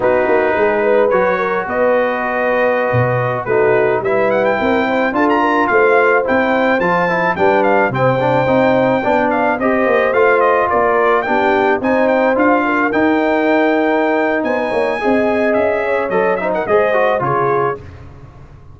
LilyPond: <<
  \new Staff \with { instrumentName = "trumpet" } { \time 4/4 \tempo 4 = 108 b'2 cis''4 dis''4~ | dis''2~ dis''16 b'4 e''8 fis''16 | g''4~ g''16 a''16 ais''8. f''4 g''8.~ | g''16 a''4 g''8 f''8 g''4.~ g''16~ |
g''8. f''8 dis''4 f''8 dis''8 d''8.~ | d''16 g''4 gis''8 g''8 f''4 g''8.~ | g''2 gis''2 | e''4 dis''8 e''16 fis''16 dis''4 cis''4 | }
  \new Staff \with { instrumentName = "horn" } { \time 4/4 fis'4 gis'8 b'4 ais'8 b'4~ | b'2~ b'16 fis'4 b'8.~ | b'16 ais'8 c''8 a'8 ais'8 c''4.~ c''16~ | c''4~ c''16 b'4 c''4.~ c''16~ |
c''16 d''4 c''2 ais'8.~ | ais'16 g'4 c''4. ais'4~ ais'16~ | ais'2 c''16 b'16 cis''8 dis''4~ | dis''8 cis''4 c''16 ais'16 c''4 gis'4 | }
  \new Staff \with { instrumentName = "trombone" } { \time 4/4 dis'2 fis'2~ | fis'2~ fis'16 dis'4 e'8.~ | e'4~ e'16 f'2 e'8.~ | e'16 f'8 e'8 d'4 c'8 d'8 dis'8.~ |
dis'16 d'4 g'4 f'4.~ f'16~ | f'16 d'4 dis'4 f'4 dis'8.~ | dis'2. gis'4~ | gis'4 a'8 dis'8 gis'8 fis'8 f'4 | }
  \new Staff \with { instrumentName = "tuba" } { \time 4/4 b8 ais8 gis4 fis4 b4~ | b4~ b16 b,4 a4 g8.~ | g16 c'4 d'4 a4 c'8.~ | c'16 f4 g4 c4 c'8.~ |
c'16 b4 c'8 ais8 a4 ais8.~ | ais16 b4 c'4 d'4 dis'8.~ | dis'2 b8 ais8 c'4 | cis'4 fis4 gis4 cis4 | }
>>